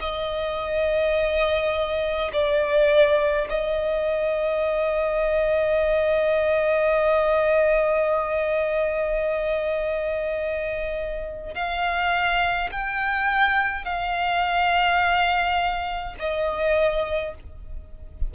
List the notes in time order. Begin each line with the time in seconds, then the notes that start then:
0.00 D#5
2.32 D5
3.49 D#5
11.54 F5
12.71 G5
13.85 F5
16.19 D#5